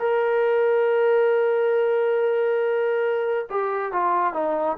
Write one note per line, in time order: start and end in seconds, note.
0.00 3.48 A#4
3.51 3.93 G4
3.93 4.34 F4
4.34 4.77 D#4